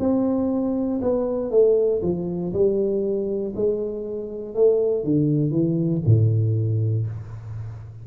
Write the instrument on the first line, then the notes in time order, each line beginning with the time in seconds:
tuba
0.00 C4
1.02 B3
1.51 A3
2.03 F3
2.54 G3
3.56 G#3
4.55 A3
5.04 D3
5.52 E3
6.06 A2